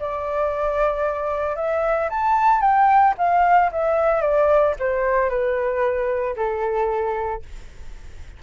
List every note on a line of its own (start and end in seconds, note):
0.00 1.56 D5
1.56 2.09 E5
2.10 2.61 A5
2.61 3.14 G5
3.18 3.71 F5
3.72 4.21 E5
4.21 4.74 D5
4.80 5.29 C5
5.29 6.35 B4
6.36 7.43 A4